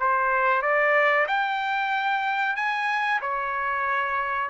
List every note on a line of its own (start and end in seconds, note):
0.00 0.62 C5
0.62 1.27 D5
1.28 2.56 G5
2.56 3.21 G#5
3.21 4.50 C#5